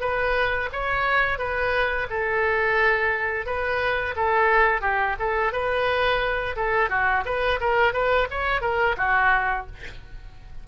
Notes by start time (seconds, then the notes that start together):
0.00 B4
0.72 C#5
1.38 B4
2.10 A4
3.46 B4
4.16 A4
4.81 G4
5.19 A4
5.52 B4
6.56 A4
6.89 F#4
7.25 B4
7.60 A#4
7.93 B4
8.30 C#5
8.61 A#4
8.97 F#4